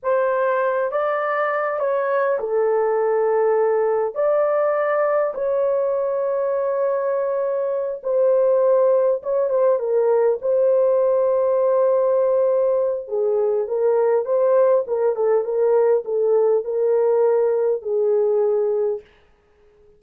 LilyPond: \new Staff \with { instrumentName = "horn" } { \time 4/4 \tempo 4 = 101 c''4. d''4. cis''4 | a'2. d''4~ | d''4 cis''2.~ | cis''4. c''2 cis''8 |
c''8 ais'4 c''2~ c''8~ | c''2 gis'4 ais'4 | c''4 ais'8 a'8 ais'4 a'4 | ais'2 gis'2 | }